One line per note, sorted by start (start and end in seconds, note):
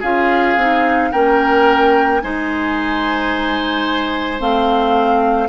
0.00 0.57 C#4
0.00 0.58 F4
0.00 1.09 G#4
0.00 1.12 F5
0.57 1.12 C4
0.57 1.13 D#4
1.12 2.23 A#3
1.12 2.22 C#4
1.12 2.21 A#4
1.12 2.21 G5
2.21 4.41 G#3
2.21 4.39 D#4
2.21 5.49 C5
2.21 4.40 G#5
4.39 5.49 A3
4.39 5.48 C4
4.39 5.49 F5